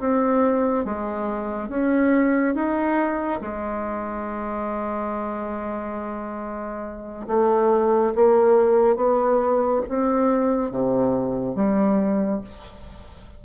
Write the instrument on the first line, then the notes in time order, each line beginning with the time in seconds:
bassoon
0.00 C4
0.85 G#3
1.69 C#4
2.55 D#4
3.42 G#3
7.28 A3
8.15 A#3
8.96 B3
9.89 C4
10.71 C3
11.56 G3